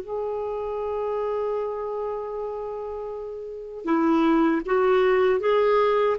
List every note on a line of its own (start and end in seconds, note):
0.00 3.85 G#4
3.85 4.62 E4
4.65 5.40 F#4
5.40 6.17 G#4